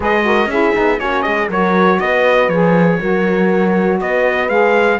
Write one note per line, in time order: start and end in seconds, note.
0.00 0.46 G#3
0.00 0.22 G#4
0.00 0.24 B4
0.00 0.50 D#5
0.22 0.47 F#4
0.22 0.50 A#4
0.46 0.71 C#4
0.46 0.73 E4
0.46 1.00 G#4
0.46 0.99 E5
0.73 1.00 B3
0.73 0.97 D#4
0.97 1.25 A#3
0.97 1.47 C#4
0.97 1.24 F#4
0.97 1.22 C#5
1.22 1.49 G#3
1.22 1.49 G#4
1.22 1.47 D#5
1.49 1.99 F#3
1.49 2.50 F#4
1.49 1.99 A#4
1.49 2.00 C#5
2.00 2.48 B3
2.00 2.99 B4
2.00 2.49 D#5
2.48 2.98 F3
2.48 3.00 G#4
2.48 3.99 C#5
2.99 4.00 F#3
2.99 4.49 F#4
2.99 3.99 A#4
4.00 4.48 B3
4.00 5.00 B4
4.00 4.49 D#5
4.48 4.98 G#3
4.48 4.99 G#4
4.48 4.99 F5